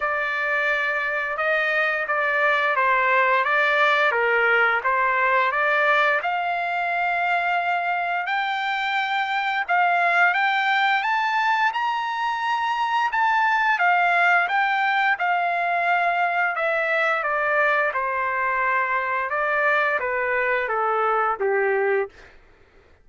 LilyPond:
\new Staff \with { instrumentName = "trumpet" } { \time 4/4 \tempo 4 = 87 d''2 dis''4 d''4 | c''4 d''4 ais'4 c''4 | d''4 f''2. | g''2 f''4 g''4 |
a''4 ais''2 a''4 | f''4 g''4 f''2 | e''4 d''4 c''2 | d''4 b'4 a'4 g'4 | }